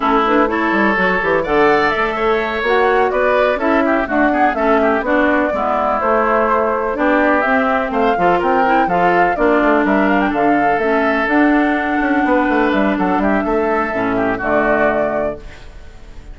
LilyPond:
<<
  \new Staff \with { instrumentName = "flute" } { \time 4/4 \tempo 4 = 125 a'8 b'8 cis''2 fis''4 | e''4. fis''4 d''4 e''8~ | e''8 fis''4 e''4 d''4.~ | d''8 c''2 d''4 e''8~ |
e''8 f''4 g''4 f''4 d''8~ | d''8 e''8 f''16 g''16 f''4 e''4 fis''8~ | fis''2~ fis''8 e''8 fis''8 e''8~ | e''2 d''2 | }
  \new Staff \with { instrumentName = "oboe" } { \time 4/4 e'4 a'2 d''4~ | d''8 cis''2 b'4 a'8 | g'8 fis'8 gis'8 a'8 g'8 fis'4 e'8~ | e'2~ e'8 g'4.~ |
g'8 c''8 a'8 ais'4 a'4 f'8~ | f'8 ais'4 a'2~ a'8~ | a'4. b'4. a'8 g'8 | a'4. g'8 fis'2 | }
  \new Staff \with { instrumentName = "clarinet" } { \time 4/4 cis'8 d'8 e'4 fis'8 g'8 a'4~ | a'4. fis'2 e'8~ | e'8 a8 b8 cis'4 d'4 b8~ | b8 a2 d'4 c'8~ |
c'4 f'4 e'8 f'4 d'8~ | d'2~ d'8 cis'4 d'8~ | d'1~ | d'4 cis'4 a2 | }
  \new Staff \with { instrumentName = "bassoon" } { \time 4/4 a4. g8 fis8 e8 d4 | a4. ais4 b4 cis'8~ | cis'8 d'4 a4 b4 gis8~ | gis8 a2 b4 c'8~ |
c'8 a8 f8 c'4 f4 ais8 | a8 g4 d4 a4 d'8~ | d'4 cis'8 b8 a8 g8 fis8 g8 | a4 a,4 d2 | }
>>